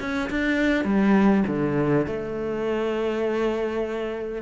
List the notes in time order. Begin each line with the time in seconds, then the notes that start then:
0.00 C#4
0.30 D4
0.85 G3
1.47 D3
2.06 A3